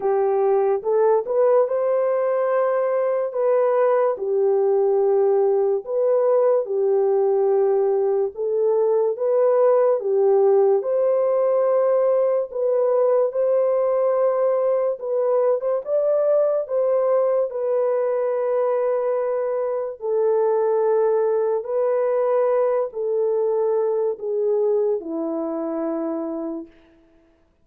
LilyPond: \new Staff \with { instrumentName = "horn" } { \time 4/4 \tempo 4 = 72 g'4 a'8 b'8 c''2 | b'4 g'2 b'4 | g'2 a'4 b'4 | g'4 c''2 b'4 |
c''2 b'8. c''16 d''4 | c''4 b'2. | a'2 b'4. a'8~ | a'4 gis'4 e'2 | }